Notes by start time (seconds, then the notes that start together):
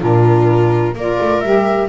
0.00 A#2 D4 F4 A#4
0.95 A#3 F4 A#4 D5
1.21 A3
1.41 G3 G4 E5